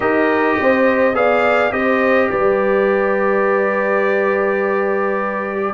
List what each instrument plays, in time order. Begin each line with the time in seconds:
0.00 tuba D#4, trombone G4, horn A#4, trumpet D#5
0.59 tuba C4, horn C5
1.13 tuba B3, trombone G#4, horn D5, trumpet F5
1.70 tuba C4, trombone G4, horn C5, trumpet D#5
2.30 tuba G3, horn B4, trumpet D5